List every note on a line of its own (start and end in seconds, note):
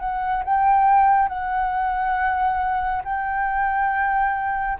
0.00 0.43 F#5
0.44 1.29 G5
1.29 3.03 F#5
3.05 4.79 G5